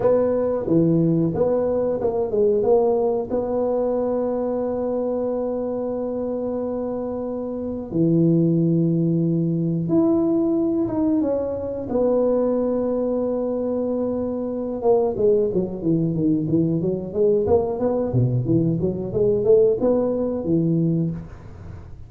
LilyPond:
\new Staff \with { instrumentName = "tuba" } { \time 4/4 \tempo 4 = 91 b4 e4 b4 ais8 gis8 | ais4 b2.~ | b1 | e2. e'4~ |
e'8 dis'8 cis'4 b2~ | b2~ b8 ais8 gis8 fis8 | e8 dis8 e8 fis8 gis8 ais8 b8 b,8 | e8 fis8 gis8 a8 b4 e4 | }